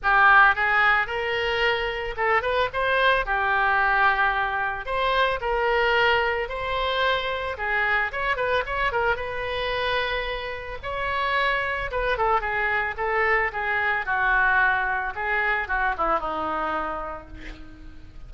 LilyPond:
\new Staff \with { instrumentName = "oboe" } { \time 4/4 \tempo 4 = 111 g'4 gis'4 ais'2 | a'8 b'8 c''4 g'2~ | g'4 c''4 ais'2 | c''2 gis'4 cis''8 b'8 |
cis''8 ais'8 b'2. | cis''2 b'8 a'8 gis'4 | a'4 gis'4 fis'2 | gis'4 fis'8 e'8 dis'2 | }